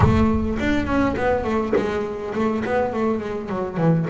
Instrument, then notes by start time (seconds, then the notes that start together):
double bass
0.00 A3
0.59 D4
0.86 C#4
1.16 B3
1.44 A3
1.76 G#3
2.34 A3
2.64 B3
2.93 A3
3.20 G#3
3.49 F#3
3.77 E3